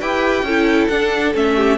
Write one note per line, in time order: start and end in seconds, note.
0.00 0.42 E4
0.00 0.46 G4
0.00 0.45 B4
0.00 0.87 G5
0.42 0.87 C#4
0.42 0.91 E4
0.42 1.56 A4
0.87 1.33 D4
0.87 1.34 D4
0.87 1.32 F#5
1.34 1.78 A3
1.34 1.78 C#4
1.34 1.78 E5
1.56 1.78 G4